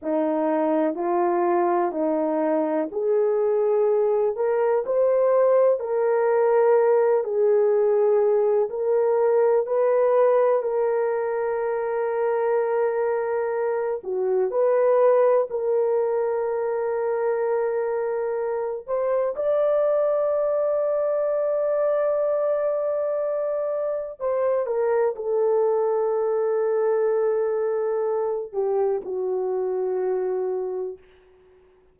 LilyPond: \new Staff \with { instrumentName = "horn" } { \time 4/4 \tempo 4 = 62 dis'4 f'4 dis'4 gis'4~ | gis'8 ais'8 c''4 ais'4. gis'8~ | gis'4 ais'4 b'4 ais'4~ | ais'2~ ais'8 fis'8 b'4 |
ais'2.~ ais'8 c''8 | d''1~ | d''4 c''8 ais'8 a'2~ | a'4. g'8 fis'2 | }